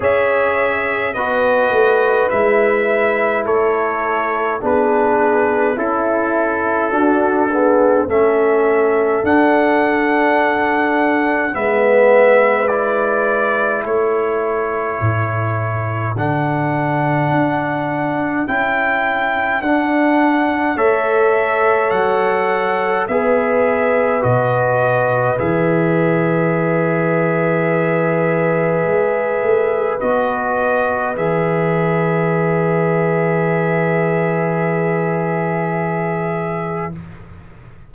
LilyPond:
<<
  \new Staff \with { instrumentName = "trumpet" } { \time 4/4 \tempo 4 = 52 e''4 dis''4 e''4 cis''4 | b'4 a'2 e''4 | fis''2 e''4 d''4 | cis''2 fis''2 |
g''4 fis''4 e''4 fis''4 | e''4 dis''4 e''2~ | e''2 dis''4 e''4~ | e''1 | }
  \new Staff \with { instrumentName = "horn" } { \time 4/4 cis''4 b'2 a'4 | gis'4 e'4 fis'8 gis'8 a'4~ | a'2 b'2 | a'1~ |
a'2 cis''2 | b'1~ | b'1~ | b'1 | }
  \new Staff \with { instrumentName = "trombone" } { \time 4/4 gis'4 fis'4 e'2 | d'4 e'4 d'8 b8 cis'4 | d'2 b4 e'4~ | e'2 d'2 |
e'4 d'4 a'2 | gis'4 fis'4 gis'2~ | gis'2 fis'4 gis'4~ | gis'1 | }
  \new Staff \with { instrumentName = "tuba" } { \time 4/4 cis'4 b8 a8 gis4 a4 | b4 cis'4 d'4 a4 | d'2 gis2 | a4 a,4 d4 d'4 |
cis'4 d'4 a4 fis4 | b4 b,4 e2~ | e4 gis8 a8 b4 e4~ | e1 | }
>>